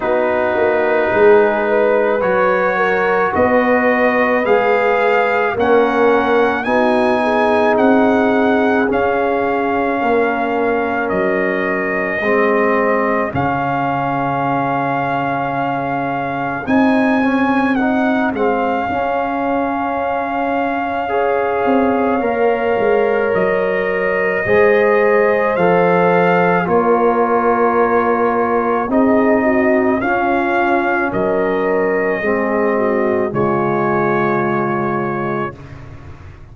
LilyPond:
<<
  \new Staff \with { instrumentName = "trumpet" } { \time 4/4 \tempo 4 = 54 b'2 cis''4 dis''4 | f''4 fis''4 gis''4 fis''4 | f''2 dis''2 | f''2. gis''4 |
fis''8 f''2.~ f''8~ | f''4 dis''2 f''4 | cis''2 dis''4 f''4 | dis''2 cis''2 | }
  \new Staff \with { instrumentName = "horn" } { \time 4/4 fis'4 gis'8 b'4 ais'8 b'4~ | b'4 ais'4 fis'8 gis'4.~ | gis'4 ais'2 gis'4~ | gis'1~ |
gis'2. cis''4~ | cis''2 c''2 | ais'2 gis'8 fis'8 f'4 | ais'4 gis'8 fis'8 f'2 | }
  \new Staff \with { instrumentName = "trombone" } { \time 4/4 dis'2 fis'2 | gis'4 cis'4 dis'2 | cis'2. c'4 | cis'2. dis'8 cis'8 |
dis'8 c'8 cis'2 gis'4 | ais'2 gis'4 a'4 | f'2 dis'4 cis'4~ | cis'4 c'4 gis2 | }
  \new Staff \with { instrumentName = "tuba" } { \time 4/4 b8 ais8 gis4 fis4 b4 | gis4 ais4 b4 c'4 | cis'4 ais4 fis4 gis4 | cis2. c'4~ |
c'8 gis8 cis'2~ cis'8 c'8 | ais8 gis8 fis4 gis4 f4 | ais2 c'4 cis'4 | fis4 gis4 cis2 | }
>>